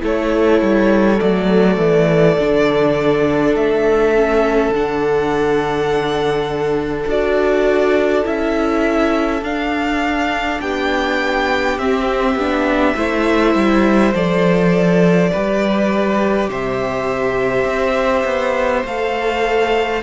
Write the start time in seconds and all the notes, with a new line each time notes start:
0.00 A3 E4 A4 C#5
0.62 G3
1.20 F#3 A3 D5
1.77 E3
2.39 D3 D4
3.55 A3 E5
4.15 C#4
4.70 D3 D4 F#5
7.06 D4 F#4 D5
8.24 C#4 E4 E5
9.42 D4 F5
10.61 B3 G4 G5
11.78 C4 E5
12.35 B3 D4
12.95 A3 E4 C5
13.55 G3
14.14 F3 A4 D5
15.32 G3 G4 B4
16.49 C3 C5 E5
17.65 C4
18.25 B3
18.85 A3 A4 F5